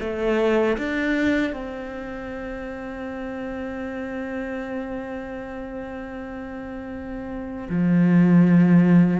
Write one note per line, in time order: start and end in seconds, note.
0.00 0.77 A3
0.78 1.53 D4
1.53 7.69 C4
7.69 9.20 F3